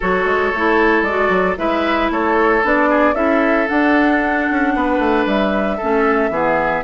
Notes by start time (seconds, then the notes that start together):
0.00 F#3 F#4 A4 C#5
0.25 G#3
0.53 A3 E4
1.02 G#3 F#4 D5
1.29 F#3
1.56 G#3 E4 B4 E5
2.10 A3 A4 C#5
2.63 B3 D4 D5
2.89 G#4
3.13 C#4 E4 A4 E5
3.67 D4 F#5
4.50 C#4
4.75 B3 B4
4.99 A3
5.26 G3 E5
5.77 C#4 A4
5.83 A3
6.29 E3 B3 G#4